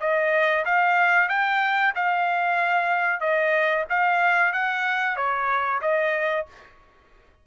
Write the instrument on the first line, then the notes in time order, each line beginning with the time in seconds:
trumpet
0.00 D#5
0.65 F5
1.28 G5
1.95 F5
3.20 D#5
3.89 F5
4.52 F#5
5.16 C#5
5.82 D#5